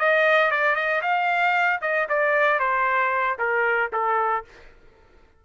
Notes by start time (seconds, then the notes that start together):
0.00 D#5
0.51 D5
0.76 D#5
1.02 F5
1.82 D#5
2.09 D5
2.60 C5
3.39 A#4
3.93 A4